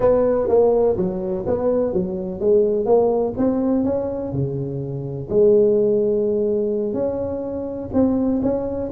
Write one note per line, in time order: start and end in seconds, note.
0.00 0.48 B3
0.48 0.96 A#3
0.96 1.44 F#3
1.46 1.93 B3
1.93 2.40 F#3
2.40 2.85 G#3
2.85 3.33 A#3
3.37 3.84 C4
3.84 4.32 C#4
4.32 5.28 C#3
5.29 6.93 G#3
6.93 7.89 C#4
7.93 8.41 C4
8.42 8.90 C#4